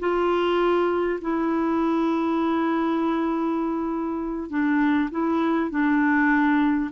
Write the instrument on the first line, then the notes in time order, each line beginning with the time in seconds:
clarinet
0.00 F4
1.22 E4
4.50 D4
5.11 E4
5.71 D4